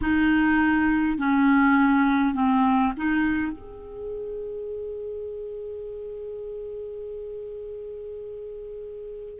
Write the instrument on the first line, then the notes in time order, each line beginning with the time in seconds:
clarinet
0.01 D#4
1.18 C#4
2.34 C4
2.97 D#4
3.52 G#4